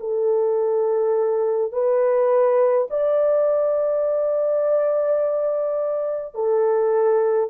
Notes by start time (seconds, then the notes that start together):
0.00 A4
1.73 B4
2.91 D5
6.35 A4